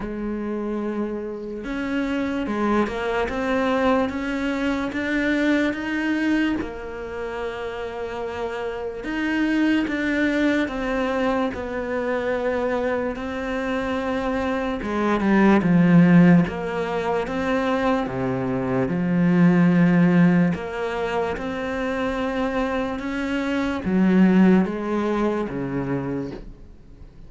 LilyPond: \new Staff \with { instrumentName = "cello" } { \time 4/4 \tempo 4 = 73 gis2 cis'4 gis8 ais8 | c'4 cis'4 d'4 dis'4 | ais2. dis'4 | d'4 c'4 b2 |
c'2 gis8 g8 f4 | ais4 c'4 c4 f4~ | f4 ais4 c'2 | cis'4 fis4 gis4 cis4 | }